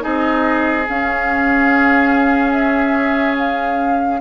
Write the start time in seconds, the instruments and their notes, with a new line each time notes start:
0.00 bassoon C4, clarinet D#4, oboe G#4, flute D#5
0.88 bassoon C#4, clarinet C#4, flute F5
2.52 flute E5
3.38 flute F5